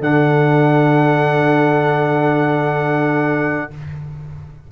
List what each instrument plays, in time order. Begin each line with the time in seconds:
0.00 tuba D3, trombone D4, horn A4, trumpet F#5